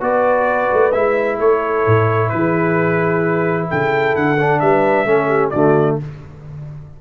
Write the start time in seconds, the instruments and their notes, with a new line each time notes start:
0.00 tuba B3, trombone F#4, horn B4, trumpet D5
0.73 tuba A3
0.92 tuba G#3, trombone E4, trumpet E5
1.39 tuba A3, horn A4, trumpet C#5
1.86 tuba A2
2.29 tuba E3, trumpet B4
2.35 horn G#4
3.68 tuba C#3, horn A4, trumpet G5
4.15 tuba D3, trumpet F#5
4.40 trombone D4
4.59 tuba G3, horn B4, trumpet E5
5.05 tuba A3, trombone C#4, horn A4
5.28 horn G4
5.50 tuba D3, trombone A3, horn F#4, trumpet D5